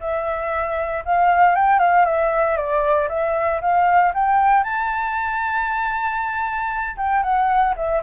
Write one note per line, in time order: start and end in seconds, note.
0.00 1.03 E5
1.05 1.55 F5
1.55 1.79 G5
1.79 2.05 F5
2.05 2.57 E5
2.57 3.08 D5
3.09 3.60 E5
3.61 4.13 F5
4.14 4.63 G5
4.63 6.96 A5
6.97 7.22 G5
7.22 7.74 F#5
7.76 8.02 E5